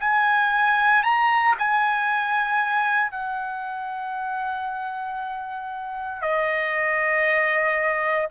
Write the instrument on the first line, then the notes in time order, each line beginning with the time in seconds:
trumpet
0.00 G#5
1.03 A#5
1.58 G#5
3.11 F#5
6.22 D#5